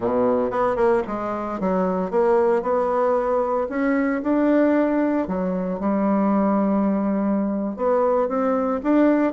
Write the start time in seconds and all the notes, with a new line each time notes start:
0.00 B2
0.50 B3
0.76 A#3
1.07 G#3
1.60 F#3
2.11 A#3
2.62 B3
3.69 C#4
4.22 D4
5.27 F#3
5.79 G3
7.76 B3
8.28 C4
8.83 D4